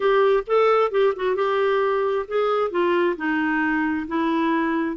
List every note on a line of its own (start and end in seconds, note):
0.00 0.43 G4
0.46 0.91 A4
0.91 1.13 G4
1.15 1.35 F#4
1.35 2.26 G4
2.27 2.70 G#4
2.70 3.16 F4
3.16 4.06 D#4
4.07 4.96 E4